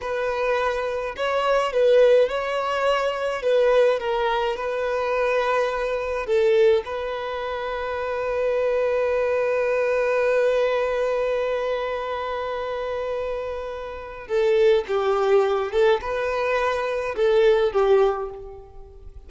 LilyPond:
\new Staff \with { instrumentName = "violin" } { \time 4/4 \tempo 4 = 105 b'2 cis''4 b'4 | cis''2 b'4 ais'4 | b'2. a'4 | b'1~ |
b'1~ | b'1~ | b'4 a'4 g'4. a'8 | b'2 a'4 g'4 | }